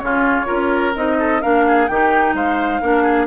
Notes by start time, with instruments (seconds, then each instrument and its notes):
0.00 bassoon C#3, clarinet C#4, oboe F4, flute C#5
0.47 bassoon C#4, clarinet F4, oboe A#4
0.96 bassoon C4, clarinet D#4, flute D#5
1.19 oboe A4
1.42 bassoon A#3, clarinet D4, oboe A#4, flute F5
1.67 oboe G#4
1.88 bassoon D#3, clarinet D#4, oboe G4, flute G5
2.34 bassoon G#3, oboe C5, flute F5
2.82 bassoon A#3, clarinet D4, oboe A#4
3.03 oboe G#4